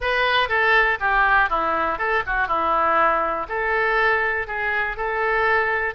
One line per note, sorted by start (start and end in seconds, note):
0.00 0.48 B4
0.48 0.98 A4
1.00 1.49 G4
1.49 1.98 E4
1.98 2.23 A4
2.26 2.47 F#4
2.47 3.46 E4
3.48 4.47 A4
4.47 4.97 G#4
4.97 5.94 A4